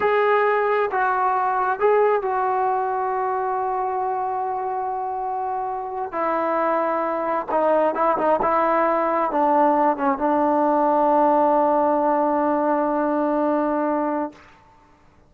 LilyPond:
\new Staff \with { instrumentName = "trombone" } { \time 4/4 \tempo 4 = 134 gis'2 fis'2 | gis'4 fis'2.~ | fis'1~ | fis'4.~ fis'16 e'2~ e'16~ |
e'8. dis'4 e'8 dis'8 e'4~ e'16~ | e'8. d'4. cis'8 d'4~ d'16~ | d'1~ | d'1 | }